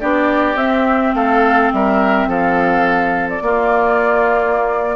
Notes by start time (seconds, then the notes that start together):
0.00 B3 D4 G4 D5
0.55 C4 E5
1.14 A3 A4 F5
1.73 G3 A#4 E5
2.27 F3 A4 F5
3.30 D5
3.42 A#3 F4